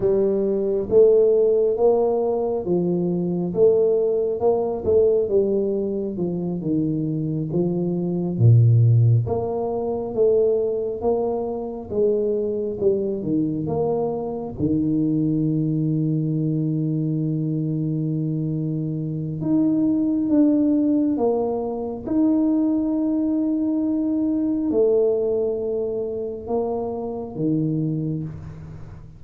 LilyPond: \new Staff \with { instrumentName = "tuba" } { \time 4/4 \tempo 4 = 68 g4 a4 ais4 f4 | a4 ais8 a8 g4 f8 dis8~ | dis8 f4 ais,4 ais4 a8~ | a8 ais4 gis4 g8 dis8 ais8~ |
ais8 dis2.~ dis8~ | dis2 dis'4 d'4 | ais4 dis'2. | a2 ais4 dis4 | }